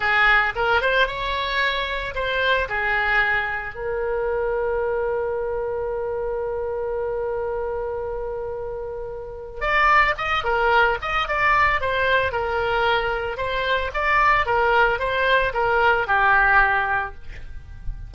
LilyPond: \new Staff \with { instrumentName = "oboe" } { \time 4/4 \tempo 4 = 112 gis'4 ais'8 c''8 cis''2 | c''4 gis'2 ais'4~ | ais'1~ | ais'1~ |
ais'2 d''4 dis''8 ais'8~ | ais'8 dis''8 d''4 c''4 ais'4~ | ais'4 c''4 d''4 ais'4 | c''4 ais'4 g'2 | }